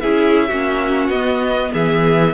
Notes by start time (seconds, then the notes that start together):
0.00 C#4 E4 G#4 E5
0.48 A#3 C#4 F#4
1.08 B3 D#5
1.72 E3 G#4 E5